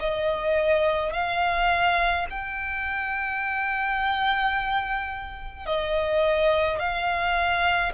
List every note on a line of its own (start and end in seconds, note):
0.00 1.13 D#5
1.13 2.26 F5
2.30 5.67 G5
5.67 6.79 D#5
6.79 7.92 F5